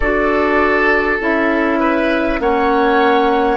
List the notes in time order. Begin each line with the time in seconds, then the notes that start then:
0.00 D4 F#4 A4 D5
1.20 C#4 E4 E5
1.79 B4
2.39 A#3 C#4 C#5 F#5